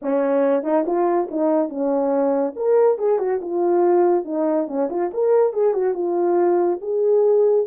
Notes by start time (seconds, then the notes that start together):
0.02 C#4
0.63 D#4
0.86 F4
1.31 D#4
1.69 C#4
2.56 A#4
2.98 G#4
3.19 F#4
3.41 F4
4.25 D#4
4.67 C#4
4.90 F4
5.13 A#4
5.53 G#4
5.73 F#4
5.94 F4
6.81 G#4